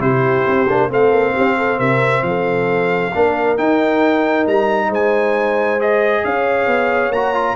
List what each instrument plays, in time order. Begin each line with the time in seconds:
0.00 tuba C3, trombone E4, horn G4, trumpet C5
0.47 tuba C4
0.69 tuba A#3, trombone D4
0.90 tuba A3, trombone C4, horn A4, trumpet F5
1.12 tuba A#3
1.35 tuba C4, horn G4
1.58 horn A4
1.79 tuba C3, horn A#4, trumpet E5
2.23 tuba F3, horn A4, trumpet F5
3.14 tuba A#3, trombone D4, horn A#4
3.58 trombone D#4, tuba D#4, trumpet G5
4.47 tuba G3, trumpet A#5
4.89 tuba G#3, horn C5, trumpet G#5
5.80 trombone G#4, trumpet D#5
6.25 tuba C#4, horn C#5, trumpet F5
6.67 tuba B3
7.10 tuba A#3, trombone F#4, trumpet A#5
7.34 trombone F4